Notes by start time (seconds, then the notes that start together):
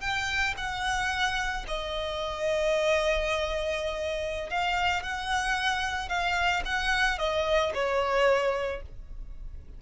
0.00 G5
0.57 F#5
1.67 D#5
4.50 F5
5.02 F#5
6.08 F5
6.65 F#5
7.18 D#5
7.74 C#5